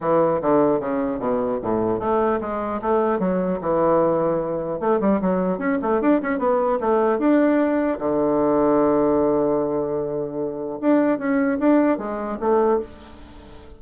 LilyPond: \new Staff \with { instrumentName = "bassoon" } { \time 4/4 \tempo 4 = 150 e4 d4 cis4 b,4 | a,4 a4 gis4 a4 | fis4 e2. | a8 g8 fis4 cis'8 a8 d'8 cis'8 |
b4 a4 d'2 | d1~ | d2. d'4 | cis'4 d'4 gis4 a4 | }